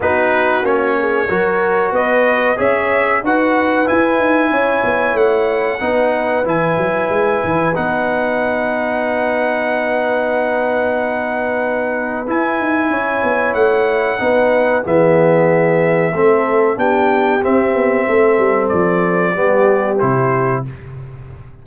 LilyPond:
<<
  \new Staff \with { instrumentName = "trumpet" } { \time 4/4 \tempo 4 = 93 b'4 cis''2 dis''4 | e''4 fis''4 gis''2 | fis''2 gis''2 | fis''1~ |
fis''2. gis''4~ | gis''4 fis''2 e''4~ | e''2 g''4 e''4~ | e''4 d''2 c''4 | }
  \new Staff \with { instrumentName = "horn" } { \time 4/4 fis'4. gis'8 ais'4 b'4 | cis''4 b'2 cis''4~ | cis''4 b'2.~ | b'1~ |
b'1 | cis''2 b'4 gis'4~ | gis'4 a'4 g'2 | a'2 g'2 | }
  \new Staff \with { instrumentName = "trombone" } { \time 4/4 dis'4 cis'4 fis'2 | gis'4 fis'4 e'2~ | e'4 dis'4 e'2 | dis'1~ |
dis'2. e'4~ | e'2 dis'4 b4~ | b4 c'4 d'4 c'4~ | c'2 b4 e'4 | }
  \new Staff \with { instrumentName = "tuba" } { \time 4/4 b4 ais4 fis4 b4 | cis'4 dis'4 e'8 dis'8 cis'8 b8 | a4 b4 e8 fis8 gis8 e8 | b1~ |
b2. e'8 dis'8 | cis'8 b8 a4 b4 e4~ | e4 a4 b4 c'8 b8 | a8 g8 f4 g4 c4 | }
>>